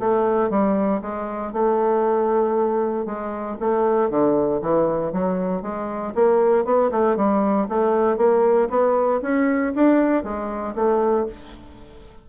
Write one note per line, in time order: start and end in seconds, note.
0.00 0.50 A3
0.50 1.02 G3
1.02 1.53 G#3
1.53 3.06 A3
3.06 3.57 G#3
3.60 4.10 A3
4.10 4.62 D3
4.62 5.13 E3
5.13 5.62 F#3
5.62 6.14 G#3
6.15 6.65 A#3
6.65 6.90 B3
6.91 7.17 A3
7.17 7.68 G3
7.69 8.18 A3
8.18 8.69 A#3
8.70 9.21 B3
9.22 9.73 C#4
9.76 10.24 D4
10.24 10.75 G#3
10.75 11.27 A3